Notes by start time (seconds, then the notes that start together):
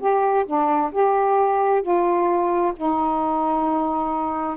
0.00 G4
0.46 D4
0.92 G4
1.82 F4
2.76 D#4